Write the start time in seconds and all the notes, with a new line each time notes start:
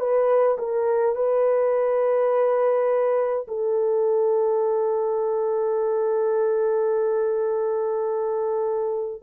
0.00 B4
0.58 A#4
1.15 B4
3.48 A4